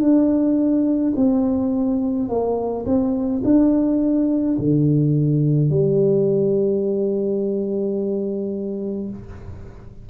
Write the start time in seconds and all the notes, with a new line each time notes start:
0.00 D4
1.16 C4
2.28 A#3
2.85 C4
3.44 D4
4.58 D3
5.70 G3